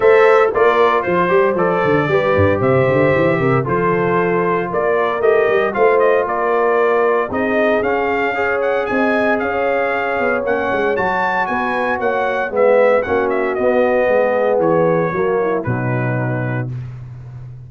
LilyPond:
<<
  \new Staff \with { instrumentName = "trumpet" } { \time 4/4 \tempo 4 = 115 e''4 d''4 c''4 d''4~ | d''4 e''2 c''4~ | c''4 d''4 dis''4 f''8 dis''8 | d''2 dis''4 f''4~ |
f''8 fis''8 gis''4 f''2 | fis''4 a''4 gis''4 fis''4 | e''4 fis''8 e''8 dis''2 | cis''2 b'2 | }
  \new Staff \with { instrumentName = "horn" } { \time 4/4 c''4 ais'4 c''2 | b'4 c''4. ais'8 a'4~ | a'4 ais'2 c''4 | ais'2 gis'2 |
cis''4 dis''4 cis''2~ | cis''2 b'4 cis''4 | b'4 fis'2 gis'4~ | gis'4 fis'8 e'8 dis'2 | }
  \new Staff \with { instrumentName = "trombone" } { \time 4/4 a'4 f'4. g'8 a'4 | g'2. f'4~ | f'2 g'4 f'4~ | f'2 dis'4 cis'4 |
gis'1 | cis'4 fis'2. | b4 cis'4 b2~ | b4 ais4 fis2 | }
  \new Staff \with { instrumentName = "tuba" } { \time 4/4 a4 ais4 f8 g8 f8 d8 | g8 g,8 c8 d8 e8 c8 f4~ | f4 ais4 a8 g8 a4 | ais2 c'4 cis'4~ |
cis'4 c'4 cis'4. b8 | ais8 gis8 fis4 b4 ais4 | gis4 ais4 b4 gis4 | e4 fis4 b,2 | }
>>